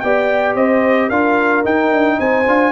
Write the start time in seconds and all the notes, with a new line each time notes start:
0.00 B3 G4 D5 G5
0.55 C4 C5 D#5
1.07 D4 F4 A#4 F5
1.63 D#4 G5
1.91 D4
2.18 C4 C5 G#5
2.47 D4 F4